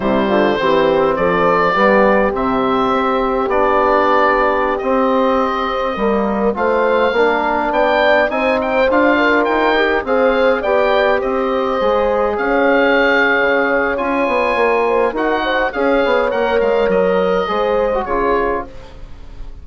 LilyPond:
<<
  \new Staff \with { instrumentName = "oboe" } { \time 4/4 \tempo 4 = 103 c''2 d''2 | e''2 d''2~ | d''16 dis''2. f''8.~ | f''4~ f''16 g''4 gis''8 g''8 f''8.~ |
f''16 g''4 f''4 g''4 dis''8.~ | dis''4~ dis''16 f''2~ f''8. | gis''2 fis''4 f''4 | fis''8 f''8 dis''2 cis''4 | }
  \new Staff \with { instrumentName = "horn" } { \time 4/4 e'8 f'8 g'4 a'4 g'4~ | g'1~ | g'2~ g'16 ais'4 c''8.~ | c''16 ais'4 d''4 c''4. ais'16~ |
ais'4~ ais'16 c''4 d''4 c''8.~ | c''4~ c''16 cis''2~ cis''8.~ | cis''4. c''8 ais'8 c''8 cis''4~ | cis''2 c''4 gis'4 | }
  \new Staff \with { instrumentName = "trombone" } { \time 4/4 g4 c'2 b4 | c'2 d'2~ | d'16 c'2 ais4 f'8.~ | f'16 d'2 dis'4 f'8.~ |
f'8. g'8 gis'4 g'4.~ g'16~ | g'16 gis'2.~ gis'8. | f'2 fis'4 gis'4 | ais'2 gis'8. fis'16 f'4 | }
  \new Staff \with { instrumentName = "bassoon" } { \time 4/4 c8 d8 e4 f4 g4 | c4 c'4 b2~ | b16 c'2 g4 a8.~ | a16 ais4 b4 c'4 d'8.~ |
d'16 dis'4 c'4 b4 c'8.~ | c'16 gis4 cis'4.~ cis'16 cis4 | cis'8 b8 ais4 dis'4 cis'8 b8 | ais8 gis8 fis4 gis4 cis4 | }
>>